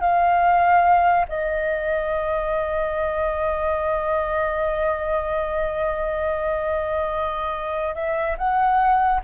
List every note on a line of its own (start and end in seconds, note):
0.00 1.25 F5
1.28 7.94 D#5
7.94 8.36 E5
8.37 9.20 F#5